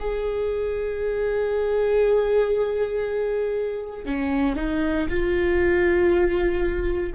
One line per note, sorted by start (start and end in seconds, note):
0.00 4.06 G#4
4.06 4.56 C#4
4.56 5.07 D#4
5.10 7.13 F4